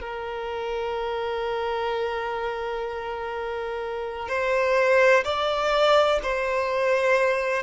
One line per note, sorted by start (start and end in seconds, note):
0.00 4.28 A#4
4.28 5.23 C5
5.24 6.19 D5
6.22 7.62 C5